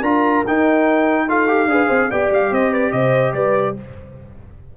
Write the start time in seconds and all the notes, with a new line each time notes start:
0.00 D4 F4 A#4 A#5
0.47 D#4 G5
1.28 F4 A4 F5
1.48 G4
1.67 D4 G#4 B4
1.87 C4 C5
2.10 B3 G4 D5 G5
2.30 G3 F5
2.51 C4 C5 D#5
2.71 B4 D5
2.92 C3 C5 D#5
3.34 G3 B4 D5